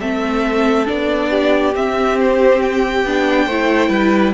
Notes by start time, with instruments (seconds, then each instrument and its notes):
0.00 cello A3, viola C4, violin A4 E5
0.85 cello B3, viola D4, violin D5
1.30 violin G4
1.74 viola C4, cello C4, violin E5
2.20 violin C5
2.61 violin G5
3.04 cello B3, viola D4
3.46 cello A3, viola E4, violin C5
3.89 cello G3, violin B4